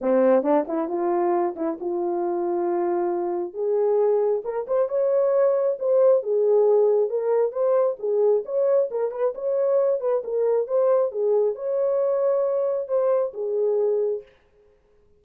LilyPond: \new Staff \with { instrumentName = "horn" } { \time 4/4 \tempo 4 = 135 c'4 d'8 e'8 f'4. e'8 | f'1 | gis'2 ais'8 c''8 cis''4~ | cis''4 c''4 gis'2 |
ais'4 c''4 gis'4 cis''4 | ais'8 b'8 cis''4. b'8 ais'4 | c''4 gis'4 cis''2~ | cis''4 c''4 gis'2 | }